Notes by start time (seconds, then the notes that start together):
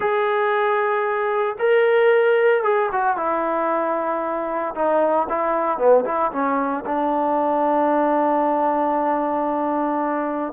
0.00 G#4
1.58 A#4
2.63 G#4
2.92 F#4
3.16 E4
4.74 D#4
5.29 E4
5.78 B3
6.05 E4
6.32 C#4
6.85 D4